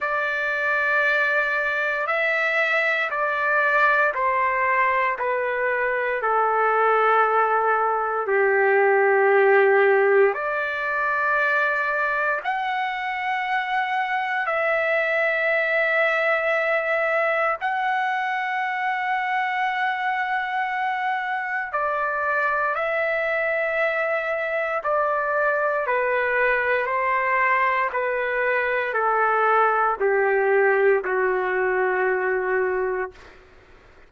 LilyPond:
\new Staff \with { instrumentName = "trumpet" } { \time 4/4 \tempo 4 = 58 d''2 e''4 d''4 | c''4 b'4 a'2 | g'2 d''2 | fis''2 e''2~ |
e''4 fis''2.~ | fis''4 d''4 e''2 | d''4 b'4 c''4 b'4 | a'4 g'4 fis'2 | }